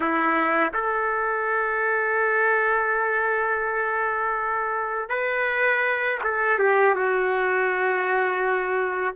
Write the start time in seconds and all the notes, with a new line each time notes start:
0.00 E4
0.73 A4
5.09 B4
6.23 A4
6.58 G4
6.94 F#4